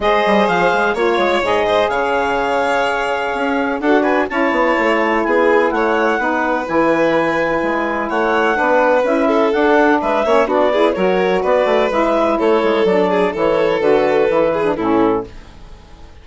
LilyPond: <<
  \new Staff \with { instrumentName = "clarinet" } { \time 4/4 \tempo 4 = 126 dis''4 f''4 cis''4 dis''4 | f''1 | fis''8 gis''8 a''2 gis''4 | fis''2 gis''2~ |
gis''4 fis''2 e''4 | fis''4 e''4 d''4 cis''4 | d''4 e''4 cis''4 d''4 | cis''4 b'2 a'4 | }
  \new Staff \with { instrumentName = "violin" } { \time 4/4 c''2 cis''4. c''8 | cis''1 | a'8 b'8 cis''2 gis'4 | cis''4 b'2.~ |
b'4 cis''4 b'4. a'8~ | a'4 b'8 cis''8 fis'8 gis'8 ais'4 | b'2 a'4. gis'8 | a'2~ a'8 gis'8 e'4 | }
  \new Staff \with { instrumentName = "saxophone" } { \time 4/4 gis'2 f'4 gis'4~ | gis'1 | fis'4 e'2.~ | e'4 dis'4 e'2~ |
e'2 d'4 e'4 | d'4. cis'8 d'8 e'8 fis'4~ | fis'4 e'2 d'4 | e'4 fis'4 e'8. d'16 cis'4 | }
  \new Staff \with { instrumentName = "bassoon" } { \time 4/4 gis8 g8 f8 gis8 ais8 gis8 gis,4 | cis2. cis'4 | d'4 cis'8 b8 a4 b4 | a4 b4 e2 |
gis4 a4 b4 cis'4 | d'4 gis8 ais8 b4 fis4 | b8 a8 gis4 a8 gis8 fis4 | e4 d4 e4 a,4 | }
>>